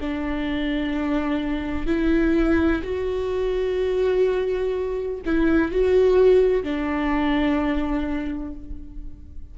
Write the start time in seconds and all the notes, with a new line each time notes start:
0.00 D4
1.87 E4
2.83 F#4
5.25 E4
5.71 F#4
6.63 D4